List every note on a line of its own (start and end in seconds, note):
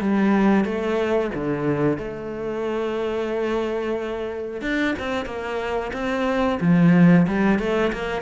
0.00 0.64 G3
0.64 1.30 A3
1.34 1.98 D3
1.98 4.61 A3
4.61 4.94 D4
4.99 5.25 C4
5.25 5.91 A#3
5.93 6.59 C4
6.61 7.26 F3
7.27 7.59 G3
7.59 7.92 A3
7.92 8.21 A#3